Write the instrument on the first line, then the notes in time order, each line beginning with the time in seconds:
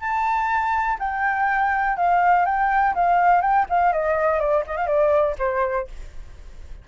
flute
0.00 A5
0.99 G5
1.97 F5
2.45 G5
2.95 F5
3.41 G5
3.69 F5
3.92 D#5
4.39 D5
4.67 D#5
4.76 F5
4.86 D5
5.38 C5